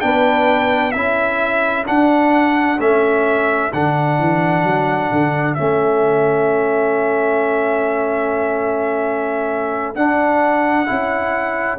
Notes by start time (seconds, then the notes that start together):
0.00 B3 D4 B4 G5
0.91 C#4 E4 A4 E5
1.85 D4 F#5
2.78 A3 C#4 E5
3.73 D3 D4 F#5
4.18 E3
4.63 F#3
5.11 D3
5.54 A3 C#4 E5
9.95 D4 F#5
10.85 C#4 E4